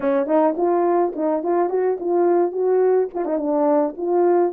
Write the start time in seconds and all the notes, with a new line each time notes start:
0.00 C#4
0.26 D#4
0.56 F4
1.15 D#4
1.43 F4
1.69 F#4
2.00 F4
2.52 F#4
3.13 F4
3.25 D#4
3.38 D4
3.97 F4